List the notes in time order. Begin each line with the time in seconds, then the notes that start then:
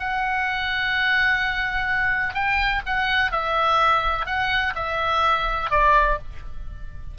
0.00 F#5
2.35 G5
2.87 F#5
3.32 E5
4.26 F#5
4.76 E5
5.71 D5